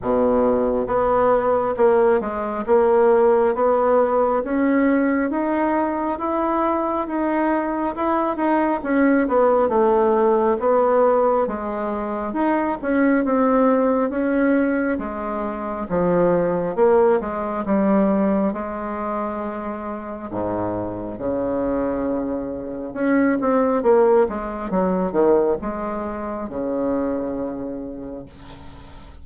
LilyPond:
\new Staff \with { instrumentName = "bassoon" } { \time 4/4 \tempo 4 = 68 b,4 b4 ais8 gis8 ais4 | b4 cis'4 dis'4 e'4 | dis'4 e'8 dis'8 cis'8 b8 a4 | b4 gis4 dis'8 cis'8 c'4 |
cis'4 gis4 f4 ais8 gis8 | g4 gis2 gis,4 | cis2 cis'8 c'8 ais8 gis8 | fis8 dis8 gis4 cis2 | }